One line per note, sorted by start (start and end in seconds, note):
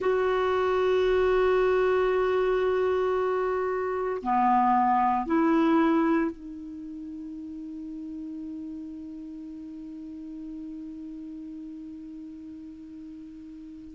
0.00 4.22 F#4
4.22 5.26 B3
5.26 6.31 E4
6.31 13.94 D#4